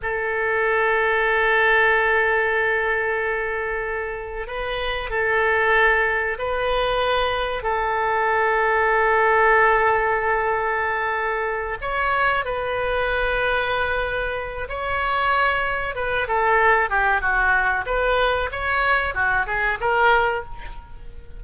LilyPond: \new Staff \with { instrumentName = "oboe" } { \time 4/4 \tempo 4 = 94 a'1~ | a'2. b'4 | a'2 b'2 | a'1~ |
a'2~ a'8 cis''4 b'8~ | b'2. cis''4~ | cis''4 b'8 a'4 g'8 fis'4 | b'4 cis''4 fis'8 gis'8 ais'4 | }